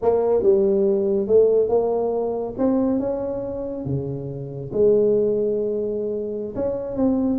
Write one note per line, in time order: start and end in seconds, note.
0.01 0.42 A#3
0.42 1.27 G3
1.27 1.68 A3
1.68 2.54 A#3
2.58 2.99 C4
2.99 3.85 C#4
3.85 4.70 C#3
4.72 6.54 G#3
6.55 6.96 C#4
6.96 7.39 C4